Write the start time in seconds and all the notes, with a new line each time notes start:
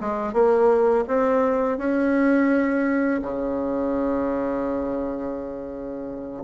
0.00 G#3
0.33 A#3
1.07 C4
1.78 C#4
3.22 C#3